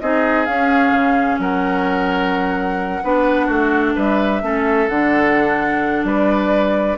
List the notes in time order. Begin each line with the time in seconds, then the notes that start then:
0.00 C4 D#4 G#4 D#5
0.46 C#4 F5
0.91 C#3
1.39 F#3 A#4 F#5
3.03 B3 D4 B4
3.46 A3 F#4
3.95 G3 B4 E5
4.42 A3 C#4 A4
4.88 D3 D4 F#5
6.03 G3 B4 D5